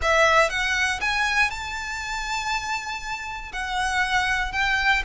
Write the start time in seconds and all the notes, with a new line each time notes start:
0.02 E5
0.49 F#5
1.00 G#5
1.50 A5
3.52 F#5
4.52 G5